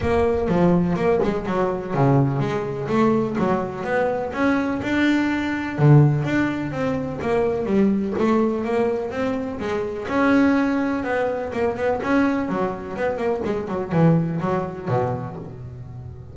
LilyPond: \new Staff \with { instrumentName = "double bass" } { \time 4/4 \tempo 4 = 125 ais4 f4 ais8 gis8 fis4 | cis4 gis4 a4 fis4 | b4 cis'4 d'2 | d4 d'4 c'4 ais4 |
g4 a4 ais4 c'4 | gis4 cis'2 b4 | ais8 b8 cis'4 fis4 b8 ais8 | gis8 fis8 e4 fis4 b,4 | }